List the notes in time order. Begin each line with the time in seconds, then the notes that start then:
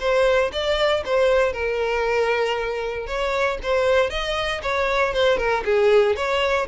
0.00 C5
0.52 D5
1.05 C5
1.53 A#4
3.07 C#5
3.63 C5
4.10 D#5
4.62 C#5
5.14 C5
5.38 A#4
5.65 G#4
6.16 C#5